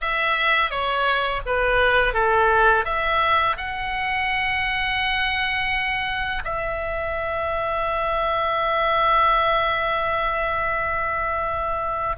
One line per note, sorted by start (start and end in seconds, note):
0.01 0.70 E5
0.70 1.41 C#5
1.45 2.13 B4
2.13 2.84 A4
2.84 3.56 E5
3.57 6.43 F#5
6.44 12.16 E5